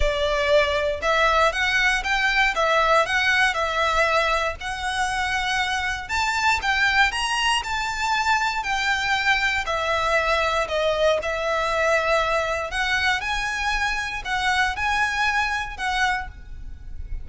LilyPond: \new Staff \with { instrumentName = "violin" } { \time 4/4 \tempo 4 = 118 d''2 e''4 fis''4 | g''4 e''4 fis''4 e''4~ | e''4 fis''2. | a''4 g''4 ais''4 a''4~ |
a''4 g''2 e''4~ | e''4 dis''4 e''2~ | e''4 fis''4 gis''2 | fis''4 gis''2 fis''4 | }